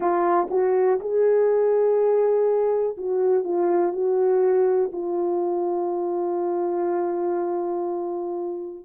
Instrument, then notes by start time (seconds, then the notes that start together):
horn
0.00 F4
0.50 F#4
1.00 G#4
2.97 F#4
3.43 F4
3.92 F#4
4.92 F4